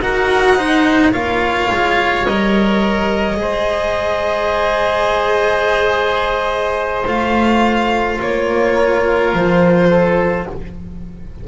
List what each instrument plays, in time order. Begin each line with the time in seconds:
0.00 double bass D#4, cello F#4, oboe A#4, violin F#5
0.57 cello D#4, oboe C5
1.12 double bass A#3, cello F4, oboe C#5, violin F5
1.71 double bass G#3
2.26 double bass G3, cello A#4, violin D#5
3.37 double bass G#3, cello G#4, oboe C5
7.07 double bass A3, cello F4, violin F5
8.21 double bass A#3, violin C#5
8.75 oboe A#4
9.34 double bass F3, violin C5
9.90 oboe A4